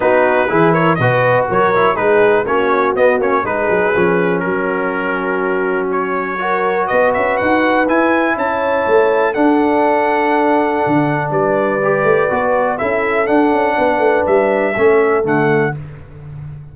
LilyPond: <<
  \new Staff \with { instrumentName = "trumpet" } { \time 4/4 \tempo 4 = 122 b'4. cis''8 dis''4 cis''4 | b'4 cis''4 dis''8 cis''8 b'4~ | b'4 ais'2. | cis''2 dis''8 e''8 fis''4 |
gis''4 a''2 fis''4~ | fis''2. d''4~ | d''2 e''4 fis''4~ | fis''4 e''2 fis''4 | }
  \new Staff \with { instrumentName = "horn" } { \time 4/4 fis'4 gis'8 ais'8 b'4 ais'4 | gis'4 fis'2 gis'4~ | gis'4 fis'2.~ | fis'4 ais'4 b'2~ |
b'4 cis''2 a'4~ | a'2. b'4~ | b'2 a'2 | b'2 a'2 | }
  \new Staff \with { instrumentName = "trombone" } { \time 4/4 dis'4 e'4 fis'4. e'8 | dis'4 cis'4 b8 cis'8 dis'4 | cis'1~ | cis'4 fis'2. |
e'2. d'4~ | d'1 | g'4 fis'4 e'4 d'4~ | d'2 cis'4 a4 | }
  \new Staff \with { instrumentName = "tuba" } { \time 4/4 b4 e4 b,4 fis4 | gis4 ais4 b8 ais8 gis8 fis8 | f4 fis2.~ | fis2 b8 cis'8 dis'4 |
e'4 cis'4 a4 d'4~ | d'2 d4 g4~ | g8 a8 b4 cis'4 d'8 cis'8 | b8 a8 g4 a4 d4 | }
>>